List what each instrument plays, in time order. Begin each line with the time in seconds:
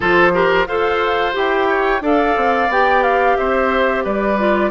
0.00 bassoon F3, clarinet F4, oboe A4, flute C5
0.32 clarinet G4, oboe A#4
0.66 bassoon F4, clarinet A4, oboe C5, flute F5
1.33 bassoon E4, clarinet G4, flute G5
1.68 oboe C#5
2.01 bassoon D4, clarinet A4, oboe D5, flute F5
2.36 bassoon C4
2.68 bassoon B3, clarinet G4, flute G5
3.03 flute F5
3.37 bassoon C4, oboe C5, flute E5
4.04 bassoon G3, oboe B4, flute D5
4.38 clarinet F4